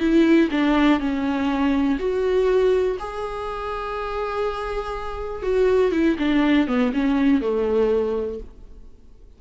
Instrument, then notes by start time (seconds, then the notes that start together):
viola
0.00 E4
0.51 D4
1.00 C#4
1.99 F#4
2.99 G#4
5.43 F#4
5.92 E4
6.19 D4
6.68 B3
6.93 C#4
7.41 A3